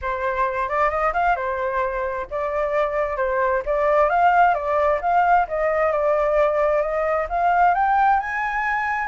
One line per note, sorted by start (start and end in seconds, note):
0.01 0.68 C5
0.68 0.90 D5
0.90 1.12 D#5
1.13 1.36 F5
1.36 2.26 C5
2.30 3.16 D5
3.16 3.62 C5
3.65 4.09 D5
4.09 4.54 F5
4.54 5.00 D5
5.01 5.46 F5
5.48 5.92 D#5
5.92 6.81 D5
6.81 7.26 D#5
7.29 7.74 F5
7.74 8.20 G5
8.20 9.08 G#5